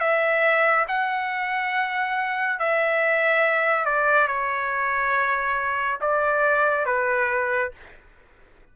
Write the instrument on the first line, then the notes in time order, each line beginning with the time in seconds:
trumpet
0.00 E5
0.88 F#5
2.59 E5
3.85 D5
4.28 C#5
6.01 D5
6.86 B4